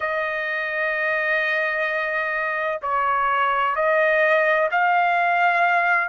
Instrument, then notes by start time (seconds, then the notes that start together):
trumpet
0.00 D#5
2.82 C#5
3.75 D#5
4.71 F5